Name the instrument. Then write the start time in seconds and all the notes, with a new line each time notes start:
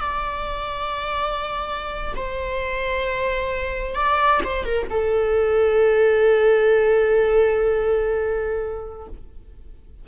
viola
0.00 D5
2.16 C5
3.95 D5
4.44 C5
4.65 A#4
4.90 A4